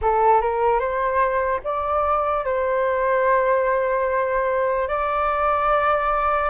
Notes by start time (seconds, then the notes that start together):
0.01 A4
0.41 A#4
0.79 C5
1.64 D5
2.44 C5
4.88 D5